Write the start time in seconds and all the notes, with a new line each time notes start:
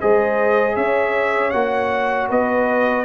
0.00 G#3 G#4 C5 D#5
0.75 C#4 C#5 E5
1.50 A#3 F#4 F#5
2.29 B3 B4 D#5